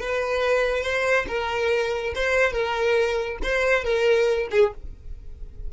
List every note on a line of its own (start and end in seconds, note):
0.00 0.83 B4
0.83 1.26 C5
1.28 2.14 A#4
2.15 2.52 C5
2.52 3.38 A#4
3.43 3.84 C5
3.84 4.48 A#4
4.51 4.73 G#4